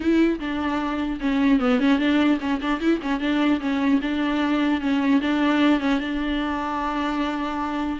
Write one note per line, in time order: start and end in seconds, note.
0.00 0.39 E4
0.39 1.19 D4
1.20 1.59 C#4
1.59 1.79 B3
1.79 1.98 C#4
1.98 2.38 D4
2.40 2.60 C#4
2.61 2.80 D4
2.80 3.00 E4
3.01 3.20 C#4
3.20 3.60 D4
3.60 4.00 C#4
4.01 4.80 D4
4.80 5.20 C#4
5.21 5.80 D4
5.80 5.99 C#4
5.99 7.99 D4